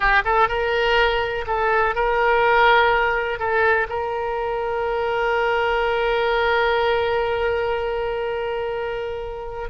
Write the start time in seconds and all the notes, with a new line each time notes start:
0.00 G4
0.25 A4
0.48 A#4
1.46 A4
1.95 A#4
3.39 A4
3.89 A#4